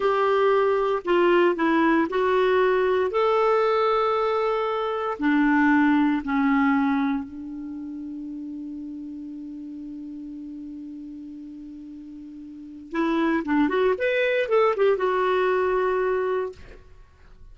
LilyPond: \new Staff \with { instrumentName = "clarinet" } { \time 4/4 \tempo 4 = 116 g'2 f'4 e'4 | fis'2 a'2~ | a'2 d'2 | cis'2 d'2~ |
d'1~ | d'1~ | d'4 e'4 d'8 fis'8 b'4 | a'8 g'8 fis'2. | }